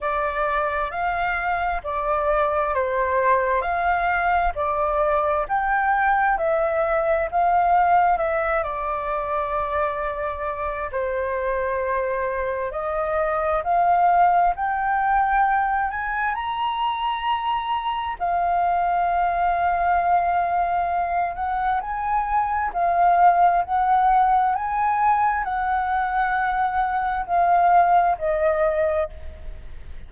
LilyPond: \new Staff \with { instrumentName = "flute" } { \time 4/4 \tempo 4 = 66 d''4 f''4 d''4 c''4 | f''4 d''4 g''4 e''4 | f''4 e''8 d''2~ d''8 | c''2 dis''4 f''4 |
g''4. gis''8 ais''2 | f''2.~ f''8 fis''8 | gis''4 f''4 fis''4 gis''4 | fis''2 f''4 dis''4 | }